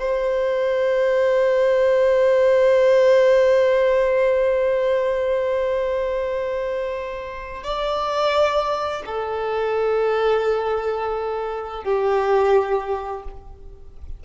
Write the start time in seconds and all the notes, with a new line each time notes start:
0.00 C5
7.64 D5
9.06 A4
11.84 G4